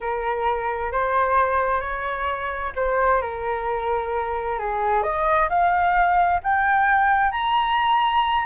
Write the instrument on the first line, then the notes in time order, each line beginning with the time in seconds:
flute
0.01 A#4
0.92 C5
1.80 C#5
2.75 C5
3.21 A#4
4.58 G#4
5.03 D#5
5.49 F5
6.43 G5
7.31 A#5